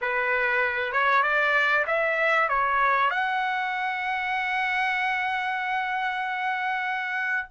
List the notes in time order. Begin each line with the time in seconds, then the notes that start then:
0.01 B4
0.92 C#5
1.22 D5
1.86 E5
2.48 C#5
3.10 F#5